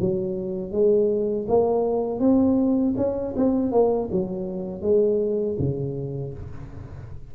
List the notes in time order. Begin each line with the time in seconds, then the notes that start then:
0.00 F#3
0.71 G#3
1.48 A#3
2.19 C4
2.97 C#4
3.36 C4
3.72 A#3
4.11 F#3
4.81 G#3
5.58 C#3